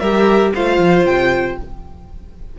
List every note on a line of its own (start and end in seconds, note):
0.00 0.53 G3
0.00 0.55 G4
0.00 0.52 A#4
0.00 0.52 E5
0.55 0.78 A3
0.55 1.59 F4
0.55 1.58 C5
0.55 1.06 F5
0.78 1.04 F3
1.04 1.56 C3
1.04 1.57 G5